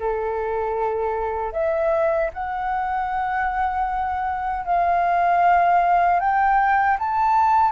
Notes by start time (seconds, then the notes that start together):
0.00 A4
1.53 E5
2.33 F#5
4.65 F5
6.20 G5
6.99 A5